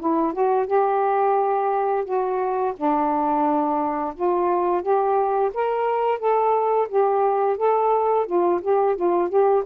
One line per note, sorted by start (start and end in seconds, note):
0.00 0.33 E4
0.33 0.67 F#4
0.67 2.04 G4
2.04 2.73 F#4
2.76 4.14 D4
4.15 4.82 F4
4.82 5.51 G4
5.54 6.19 A#4
6.19 6.88 A4
6.88 7.57 G4
7.57 8.26 A4
8.26 8.61 F4
8.61 8.96 G4
8.96 9.29 F4
9.29 9.64 G4